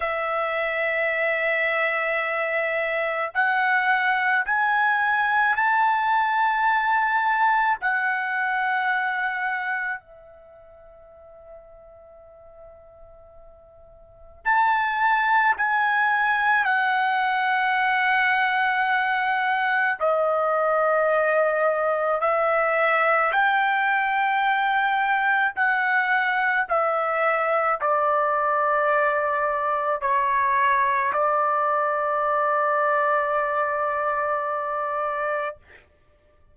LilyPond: \new Staff \with { instrumentName = "trumpet" } { \time 4/4 \tempo 4 = 54 e''2. fis''4 | gis''4 a''2 fis''4~ | fis''4 e''2.~ | e''4 a''4 gis''4 fis''4~ |
fis''2 dis''2 | e''4 g''2 fis''4 | e''4 d''2 cis''4 | d''1 | }